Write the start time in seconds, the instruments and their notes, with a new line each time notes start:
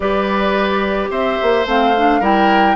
0.00 bassoon G3, clarinet G4, oboe B4, flute D5
1.10 bassoon C4, oboe C5, flute E5
1.42 bassoon A#3
1.65 bassoon A3, clarinet C4, flute F5
1.97 clarinet D4
2.20 bassoon G3, clarinet E4, oboe A#4, flute G5